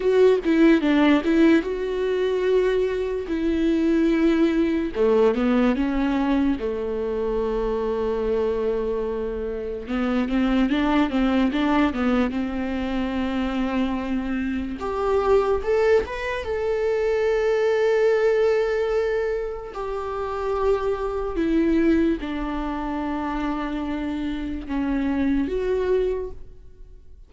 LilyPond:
\new Staff \with { instrumentName = "viola" } { \time 4/4 \tempo 4 = 73 fis'8 e'8 d'8 e'8 fis'2 | e'2 a8 b8 cis'4 | a1 | b8 c'8 d'8 c'8 d'8 b8 c'4~ |
c'2 g'4 a'8 b'8 | a'1 | g'2 e'4 d'4~ | d'2 cis'4 fis'4 | }